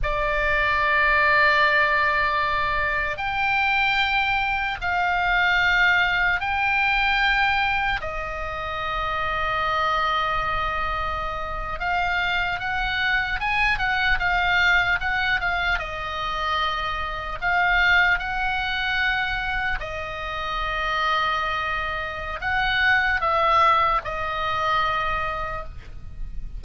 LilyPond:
\new Staff \with { instrumentName = "oboe" } { \time 4/4 \tempo 4 = 75 d''1 | g''2 f''2 | g''2 dis''2~ | dis''2~ dis''8. f''4 fis''16~ |
fis''8. gis''8 fis''8 f''4 fis''8 f''8 dis''16~ | dis''4.~ dis''16 f''4 fis''4~ fis''16~ | fis''8. dis''2.~ dis''16 | fis''4 e''4 dis''2 | }